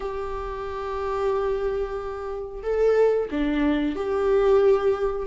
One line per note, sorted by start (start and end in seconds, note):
0.00 2.62 G4
2.63 3.28 A4
3.30 3.95 D4
3.95 5.26 G4